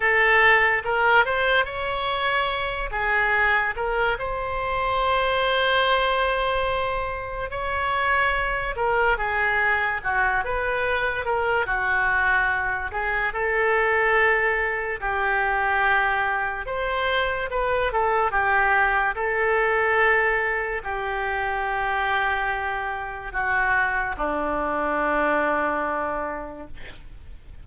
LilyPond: \new Staff \with { instrumentName = "oboe" } { \time 4/4 \tempo 4 = 72 a'4 ais'8 c''8 cis''4. gis'8~ | gis'8 ais'8 c''2.~ | c''4 cis''4. ais'8 gis'4 | fis'8 b'4 ais'8 fis'4. gis'8 |
a'2 g'2 | c''4 b'8 a'8 g'4 a'4~ | a'4 g'2. | fis'4 d'2. | }